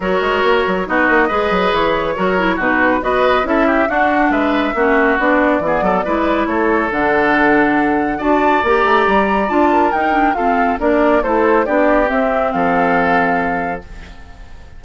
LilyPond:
<<
  \new Staff \with { instrumentName = "flute" } { \time 4/4 \tempo 4 = 139 cis''2 dis''2 | cis''2 b'4 dis''4 | e''4 fis''4 e''2 | d''2. cis''4 |
fis''2. a''4 | ais''2 a''4 g''4 | f''4 d''4 c''4 d''4 | e''4 f''2. | }
  \new Staff \with { instrumentName = "oboe" } { \time 4/4 ais'2 fis'4 b'4~ | b'4 ais'4 fis'4 b'4 | a'8 g'8 fis'4 b'4 fis'4~ | fis'4 gis'8 a'8 b'4 a'4~ |
a'2. d''4~ | d''2~ d''8 ais'4. | a'4 ais'4 a'4 g'4~ | g'4 a'2. | }
  \new Staff \with { instrumentName = "clarinet" } { \time 4/4 fis'2 dis'4 gis'4~ | gis'4 fis'8 e'8 dis'4 fis'4 | e'4 d'2 cis'4 | d'4 b4 e'2 |
d'2. fis'4 | g'2 f'4 dis'8 d'8 | c'4 d'4 e'4 d'4 | c'1 | }
  \new Staff \with { instrumentName = "bassoon" } { \time 4/4 fis8 gis8 ais8 fis8 b8 ais8 gis8 fis8 | e4 fis4 b,4 b4 | cis'4 d'4 gis4 ais4 | b4 e8 fis8 gis4 a4 |
d2. d'4 | ais8 a8 g4 d'4 dis'4 | f'4 ais4 a4 b4 | c'4 f2. | }
>>